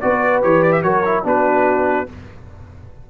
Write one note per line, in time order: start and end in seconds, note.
0.00 0.44 B3
0.00 0.43 F#4
0.00 0.84 B4
0.00 0.41 D5
0.43 0.83 E3
0.43 0.83 G4
0.43 0.62 C#5
0.62 0.72 D5
0.72 0.82 E5
0.83 1.24 F#3
0.83 1.04 F#4
0.83 1.25 A#4
0.83 1.24 C#5
1.05 1.24 E4
1.24 2.06 B3
1.24 2.06 D4
1.24 2.08 F#4
1.24 2.10 B4